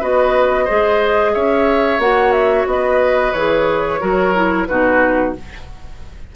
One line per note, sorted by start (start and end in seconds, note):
0.00 0.68 B3
0.00 0.67 F#4
0.00 0.65 B4
0.00 1.34 D#5
0.65 1.35 G#3
0.65 2.00 G#4
0.65 1.31 C5
1.34 1.98 C#4
1.34 2.67 C#5
1.34 2.00 E5
1.98 2.65 A#3
1.98 3.33 F#4
1.98 2.32 F#5
2.32 2.66 E5
2.66 3.33 B3
2.66 4.01 B4
2.66 3.32 D#5
3.32 4.00 E3
3.32 4.00 G#4
3.32 4.66 C#5
4.00 4.68 F#3
4.00 4.33 F#4
4.00 4.67 A#4
4.35 4.68 E4
4.66 5.36 B2
4.66 5.35 D#4
4.66 5.35 F#4
4.66 5.33 B4